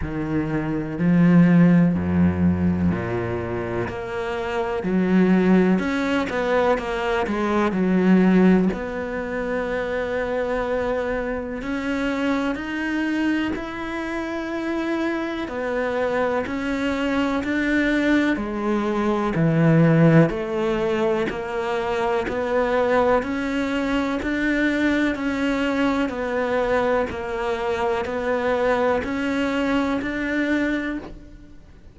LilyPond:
\new Staff \with { instrumentName = "cello" } { \time 4/4 \tempo 4 = 62 dis4 f4 f,4 ais,4 | ais4 fis4 cis'8 b8 ais8 gis8 | fis4 b2. | cis'4 dis'4 e'2 |
b4 cis'4 d'4 gis4 | e4 a4 ais4 b4 | cis'4 d'4 cis'4 b4 | ais4 b4 cis'4 d'4 | }